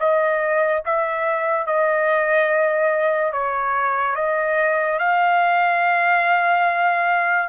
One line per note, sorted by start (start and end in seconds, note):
0.00 0.83 D#5
0.86 1.67 E5
1.67 3.33 D#5
3.33 4.16 C#5
4.16 4.99 D#5
5.00 7.49 F5